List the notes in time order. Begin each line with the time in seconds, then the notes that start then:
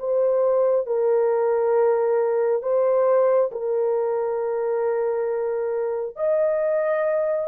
0.00 C5
0.87 A#4
2.63 C5
3.52 A#4
6.16 D#5